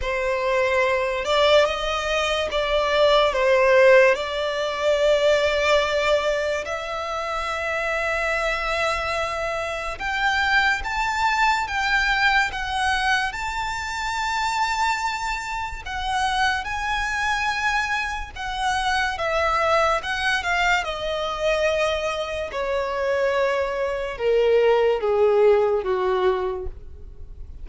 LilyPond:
\new Staff \with { instrumentName = "violin" } { \time 4/4 \tempo 4 = 72 c''4. d''8 dis''4 d''4 | c''4 d''2. | e''1 | g''4 a''4 g''4 fis''4 |
a''2. fis''4 | gis''2 fis''4 e''4 | fis''8 f''8 dis''2 cis''4~ | cis''4 ais'4 gis'4 fis'4 | }